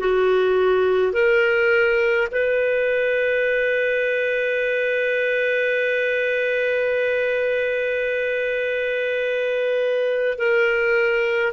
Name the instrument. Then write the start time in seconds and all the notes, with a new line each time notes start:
clarinet
0.00 F#4
1.13 A#4
2.32 B4
10.38 A#4